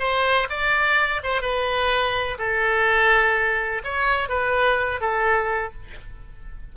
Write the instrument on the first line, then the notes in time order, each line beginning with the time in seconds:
oboe
0.00 C5
0.50 D5
1.24 C5
1.42 B4
2.39 A4
3.84 C#5
4.29 B4
5.01 A4